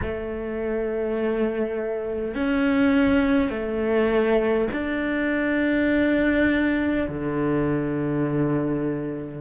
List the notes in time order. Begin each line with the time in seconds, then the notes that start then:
0.02 A3
2.34 C#4
3.50 A3
4.72 D4
7.08 D3